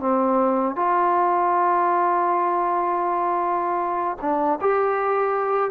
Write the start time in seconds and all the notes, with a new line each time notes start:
0.00 C4
0.76 F4
4.22 D4
4.61 G4